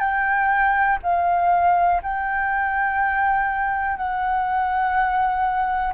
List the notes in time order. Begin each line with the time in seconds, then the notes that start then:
0.00 G5
1.03 F5
2.03 G5
3.97 F#5